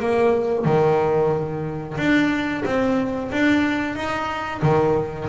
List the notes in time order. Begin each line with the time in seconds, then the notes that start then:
0.00 A#3
0.65 D#3
1.98 D4
2.65 C4
3.32 D4
3.96 D#4
4.62 D#3